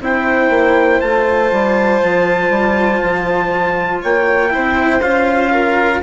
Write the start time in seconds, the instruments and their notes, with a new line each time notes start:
0.00 bassoon C4, cello E4, violin C5, trumpet G5
0.49 bassoon A#3
1.01 bassoon A3, cello F4, trumpet A5
1.51 bassoon G3
2.02 bassoon F3
2.49 bassoon G3
3.02 bassoon F3
4.01 bassoon A#3, violin C#5, trumpet G5
4.49 cello E4, violin C5
4.56 bassoon C4
5.00 bassoon C#4, cello F4, trumpet F5
5.51 violin A#4